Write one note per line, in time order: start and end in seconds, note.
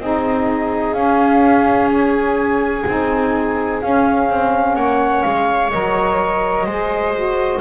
0.00 0.93 C4
0.00 0.95 D#4
0.00 4.76 G#4
0.00 0.93 D#5
0.93 2.84 C#4
0.93 2.85 C#4
0.93 1.88 F5
1.91 3.81 G#5
2.86 3.82 C4
2.86 3.81 D#4
3.82 5.72 C#4
3.82 4.30 C#4
3.82 4.75 F5
4.30 4.76 C4
4.75 5.23 A#3
4.75 6.66 C#5
4.75 5.22 F#5
5.22 5.73 G#3
5.22 5.70 F5
5.70 6.66 F#3
5.70 6.67 A#4
5.70 7.61 D#5
6.66 7.61 G#3
6.66 7.15 G#4
6.66 7.61 C5
7.15 7.61 F#4